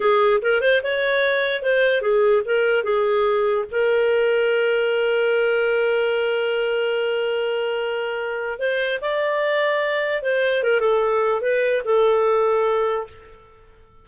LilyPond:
\new Staff \with { instrumentName = "clarinet" } { \time 4/4 \tempo 4 = 147 gis'4 ais'8 c''8 cis''2 | c''4 gis'4 ais'4 gis'4~ | gis'4 ais'2.~ | ais'1~ |
ais'1~ | ais'4 c''4 d''2~ | d''4 c''4 ais'8 a'4. | b'4 a'2. | }